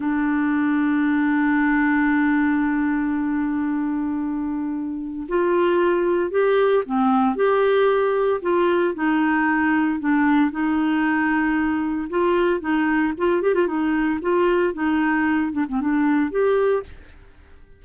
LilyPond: \new Staff \with { instrumentName = "clarinet" } { \time 4/4 \tempo 4 = 114 d'1~ | d'1~ | d'2 f'2 | g'4 c'4 g'2 |
f'4 dis'2 d'4 | dis'2. f'4 | dis'4 f'8 g'16 f'16 dis'4 f'4 | dis'4. d'16 c'16 d'4 g'4 | }